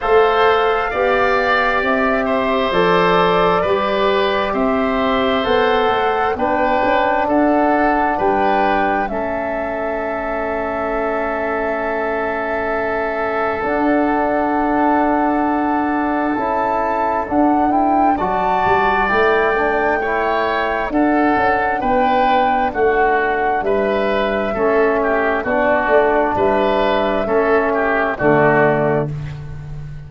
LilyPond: <<
  \new Staff \with { instrumentName = "flute" } { \time 4/4 \tempo 4 = 66 f''2 e''4 d''4~ | d''4 e''4 fis''4 g''4 | fis''4 g''4 e''2~ | e''2. fis''4~ |
fis''2 a''4 fis''8 g''8 | a''4 g''2 fis''4 | g''4 fis''4 e''2 | d''4 e''2 d''4 | }
  \new Staff \with { instrumentName = "oboe" } { \time 4/4 c''4 d''4. c''4. | b'4 c''2 b'4 | a'4 b'4 a'2~ | a'1~ |
a'1 | d''2 cis''4 a'4 | b'4 fis'4 b'4 a'8 g'8 | fis'4 b'4 a'8 g'8 fis'4 | }
  \new Staff \with { instrumentName = "trombone" } { \time 4/4 a'4 g'2 a'4 | g'2 a'4 d'4~ | d'2 cis'2~ | cis'2. d'4~ |
d'2 e'4 d'8 e'8 | fis'4 e'8 d'8 e'4 d'4~ | d'2. cis'4 | d'2 cis'4 a4 | }
  \new Staff \with { instrumentName = "tuba" } { \time 4/4 a4 b4 c'4 f4 | g4 c'4 b8 a8 b8 cis'8 | d'4 g4 a2~ | a2. d'4~ |
d'2 cis'4 d'4 | fis8 g8 a2 d'8 cis'8 | b4 a4 g4 a4 | b8 a8 g4 a4 d4 | }
>>